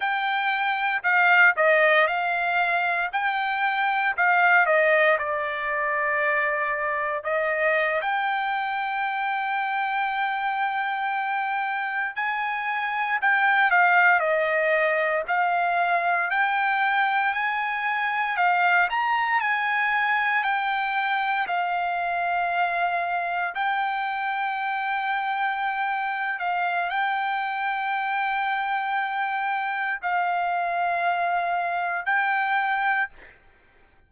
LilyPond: \new Staff \with { instrumentName = "trumpet" } { \time 4/4 \tempo 4 = 58 g''4 f''8 dis''8 f''4 g''4 | f''8 dis''8 d''2 dis''8. g''16~ | g''2.~ g''8. gis''16~ | gis''8. g''8 f''8 dis''4 f''4 g''16~ |
g''8. gis''4 f''8 ais''8 gis''4 g''16~ | g''8. f''2 g''4~ g''16~ | g''4. f''8 g''2~ | g''4 f''2 g''4 | }